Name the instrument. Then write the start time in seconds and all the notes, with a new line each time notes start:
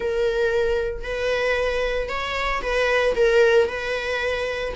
viola
0.00 A#4
1.03 B4
2.08 C#5
2.62 B4
3.15 A#4
3.68 B4